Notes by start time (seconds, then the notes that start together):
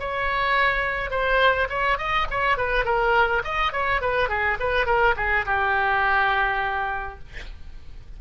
0.00 C#5
1.11 C5
1.70 C#5
1.99 D#5
2.31 C#5
2.58 B4
2.85 A#4
3.45 D#5
3.73 C#5
4.01 B4
4.29 G#4
4.60 B4
4.86 A#4
5.17 G#4
5.46 G4